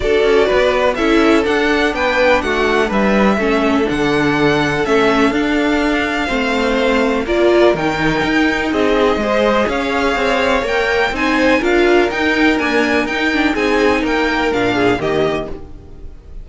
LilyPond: <<
  \new Staff \with { instrumentName = "violin" } { \time 4/4 \tempo 4 = 124 d''2 e''4 fis''4 | g''4 fis''4 e''2 | fis''2 e''4 f''4~ | f''2. d''4 |
g''2 dis''2 | f''2 g''4 gis''4 | f''4 g''4 gis''4 g''4 | gis''4 g''4 f''4 dis''4 | }
  \new Staff \with { instrumentName = "violin" } { \time 4/4 a'4 b'4 a'2 | b'4 fis'4 b'4 a'4~ | a'1~ | a'4 c''2 ais'4~ |
ais'2 gis'4 c''4 | cis''2. c''4 | ais'1 | gis'4 ais'4. gis'8 g'4 | }
  \new Staff \with { instrumentName = "viola" } { \time 4/4 fis'2 e'4 d'4~ | d'2. cis'4 | d'2 cis'4 d'4~ | d'4 c'2 f'4 |
dis'2. gis'4~ | gis'2 ais'4 dis'4 | f'4 dis'4 ais4 dis'8 d'8 | dis'2 d'4 ais4 | }
  \new Staff \with { instrumentName = "cello" } { \time 4/4 d'8 cis'8 b4 cis'4 d'4 | b4 a4 g4 a4 | d2 a4 d'4~ | d'4 a2 ais4 |
dis4 dis'4 c'4 gis4 | cis'4 c'4 ais4 c'4 | d'4 dis'4 d'4 dis'4 | c'4 ais4 ais,4 dis4 | }
>>